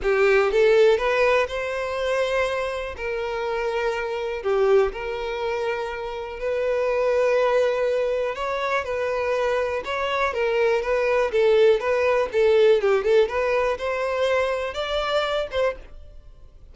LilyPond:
\new Staff \with { instrumentName = "violin" } { \time 4/4 \tempo 4 = 122 g'4 a'4 b'4 c''4~ | c''2 ais'2~ | ais'4 g'4 ais'2~ | ais'4 b'2.~ |
b'4 cis''4 b'2 | cis''4 ais'4 b'4 a'4 | b'4 a'4 g'8 a'8 b'4 | c''2 d''4. c''8 | }